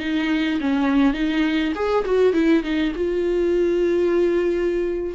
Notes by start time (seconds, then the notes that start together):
0.00 D#4
0.61 C#4
1.14 D#4
1.76 G#4
2.05 F#4
2.34 E4
2.63 D#4
2.96 F4